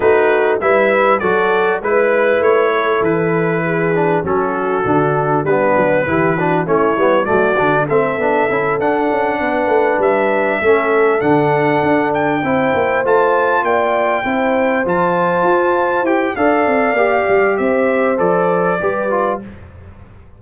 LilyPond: <<
  \new Staff \with { instrumentName = "trumpet" } { \time 4/4 \tempo 4 = 99 b'4 e''4 d''4 b'4 | cis''4 b'2 a'4~ | a'4 b'2 cis''4 | d''4 e''4. fis''4.~ |
fis''8 e''2 fis''4. | g''4. a''4 g''4.~ | g''8 a''2 g''8 f''4~ | f''4 e''4 d''2 | }
  \new Staff \with { instrumentName = "horn" } { \time 4/4 fis'4 b'4 a'4 b'4~ | b'8 a'4. gis'4 fis'4~ | fis'4 d'4 g'8 fis'8 e'4 | fis'4 a'2~ a'8 b'8~ |
b'4. a'2~ a'8~ | a'8 c''2 d''4 c''8~ | c''2. d''4~ | d''4 c''2 b'4 | }
  \new Staff \with { instrumentName = "trombone" } { \time 4/4 dis'4 e'4 fis'4 e'4~ | e'2~ e'8 d'8 cis'4 | d'4 b4 e'8 d'8 cis'8 b8 | a8 d'8 c'8 d'8 e'8 d'4.~ |
d'4. cis'4 d'4.~ | d'8 e'4 f'2 e'8~ | e'8 f'2 g'8 a'4 | g'2 a'4 g'8 f'8 | }
  \new Staff \with { instrumentName = "tuba" } { \time 4/4 a4 g4 fis4 gis4 | a4 e2 fis4 | d4 g8 fis8 e4 a8 g8 | fis8 d8 a8 b8 cis'8 d'8 cis'8 b8 |
a8 g4 a4 d4 d'8~ | d'8 c'8 ais8 a4 ais4 c'8~ | c'8 f4 f'4 e'8 d'8 c'8 | ais8 g8 c'4 f4 g4 | }
>>